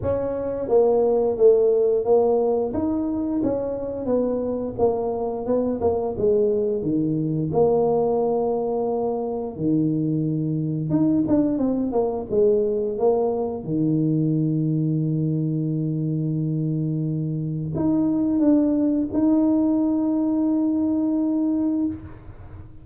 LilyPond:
\new Staff \with { instrumentName = "tuba" } { \time 4/4 \tempo 4 = 88 cis'4 ais4 a4 ais4 | dis'4 cis'4 b4 ais4 | b8 ais8 gis4 dis4 ais4~ | ais2 dis2 |
dis'8 d'8 c'8 ais8 gis4 ais4 | dis1~ | dis2 dis'4 d'4 | dis'1 | }